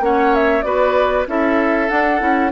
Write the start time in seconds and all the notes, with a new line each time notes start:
0.00 A#3 C#4 C#5 F#5
0.35 E5
0.62 B3 F#4 B4 D5
1.27 C#4 E4 A4 E5
1.89 D4 F#5
2.19 C#4 E4